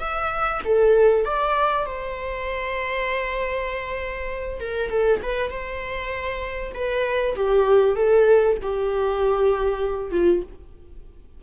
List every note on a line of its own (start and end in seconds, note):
0.00 0.61 E5
0.65 1.25 A4
1.25 1.86 D5
1.86 4.60 C5
4.60 4.90 A#4
4.90 5.21 A4
5.23 5.50 B4
5.50 6.73 C5
6.75 7.36 B4
7.36 7.96 G4
7.96 8.57 A4
8.62 10.12 G4
10.12 10.42 F4